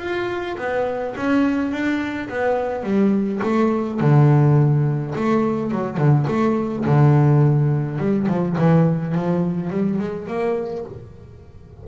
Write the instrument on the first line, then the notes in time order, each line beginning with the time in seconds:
double bass
0.00 F4
0.58 B3
1.17 C#4
1.72 D4
2.30 B3
2.84 G3
3.44 A3
4.01 D3
5.16 A3
5.72 F#3
5.98 D3
6.28 A3
6.86 D3
7.99 G3
8.28 F3
8.58 E3
9.15 F3
9.71 G3
9.99 G#3
10.28 A#3